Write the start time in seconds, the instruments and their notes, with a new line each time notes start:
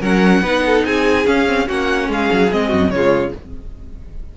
0.00 cello F#3, viola C#4, violin A#4 F#5
0.42 cello B3, viola D#4, violin B4
0.66 violin A4
0.85 cello C4, violin G#4 G#5
1.25 viola C#4, cello C#4, violin F5
1.46 viola C4
1.67 cello A#3, viola C#4, violin F#4 F#5
2.09 cello G#3, violin G#4 F5
2.32 cello F#3
2.51 cello G#3, viola C4, violin D#5
2.68 cello F#2, violin F#4
2.90 cello C#3, viola G#3, violin F4 C#5